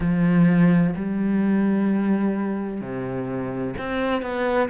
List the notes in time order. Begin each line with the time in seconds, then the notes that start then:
0.00 F3
0.95 G3
2.80 C3
3.78 C4
4.21 B3